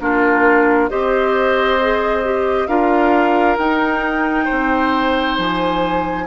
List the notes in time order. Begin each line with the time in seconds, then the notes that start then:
0.00 A#3 D4 F4 A#4
0.89 C4 G4 C5 D#5
1.81 G#4
2.24 G4
2.67 D4 F4 A#4 F5
3.58 D#4 G5
4.45 C4 C5
5.38 F3 G#5